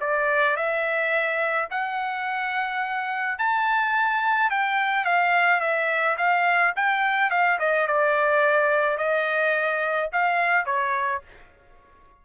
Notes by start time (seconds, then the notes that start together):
0.00 D5
0.56 E5
1.70 F#5
3.38 A5
4.50 G5
5.04 F5
5.60 E5
6.17 F5
6.76 G5
7.30 F5
7.59 D#5
7.87 D5
8.97 D#5
10.12 F5
10.65 C#5